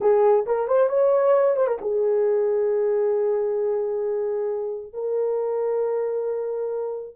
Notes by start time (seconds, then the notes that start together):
0.00 G#4
0.46 A#4
0.67 C5
0.89 C#5
1.56 C5
1.67 A#4
1.81 G#4
4.93 A#4